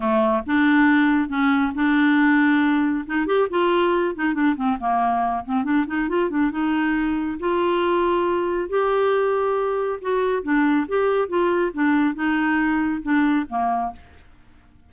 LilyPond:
\new Staff \with { instrumentName = "clarinet" } { \time 4/4 \tempo 4 = 138 a4 d'2 cis'4 | d'2. dis'8 g'8 | f'4. dis'8 d'8 c'8 ais4~ | ais8 c'8 d'8 dis'8 f'8 d'8 dis'4~ |
dis'4 f'2. | g'2. fis'4 | d'4 g'4 f'4 d'4 | dis'2 d'4 ais4 | }